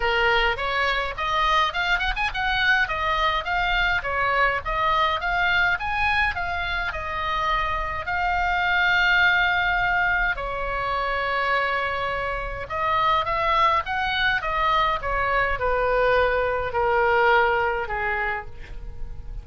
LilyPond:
\new Staff \with { instrumentName = "oboe" } { \time 4/4 \tempo 4 = 104 ais'4 cis''4 dis''4 f''8 fis''16 gis''16 | fis''4 dis''4 f''4 cis''4 | dis''4 f''4 gis''4 f''4 | dis''2 f''2~ |
f''2 cis''2~ | cis''2 dis''4 e''4 | fis''4 dis''4 cis''4 b'4~ | b'4 ais'2 gis'4 | }